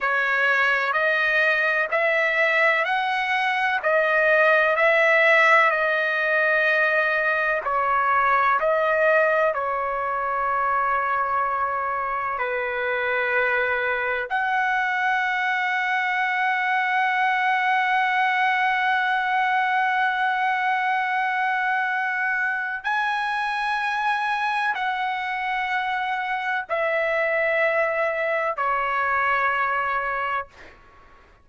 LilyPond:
\new Staff \with { instrumentName = "trumpet" } { \time 4/4 \tempo 4 = 63 cis''4 dis''4 e''4 fis''4 | dis''4 e''4 dis''2 | cis''4 dis''4 cis''2~ | cis''4 b'2 fis''4~ |
fis''1~ | fis''1 | gis''2 fis''2 | e''2 cis''2 | }